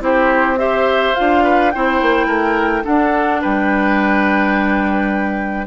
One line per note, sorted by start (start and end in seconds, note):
0.00 1.13 C4
0.00 0.57 E4
0.00 0.59 G4
0.00 0.59 C5
0.58 1.15 G4
0.58 1.44 C5
0.58 1.15 E5
1.15 1.75 D4
1.15 1.73 F4
1.15 1.71 F5
1.44 1.72 B4
1.71 2.02 C4
1.71 2.84 E4
1.71 2.27 C5
1.71 2.84 G5
2.02 2.27 A#3
2.27 2.83 A3
2.27 2.83 A#4
2.84 5.67 D4
2.84 3.44 D4
2.84 3.41 A4
2.84 3.42 F#5
3.41 5.67 G3
3.41 5.67 B4
3.41 5.67 G5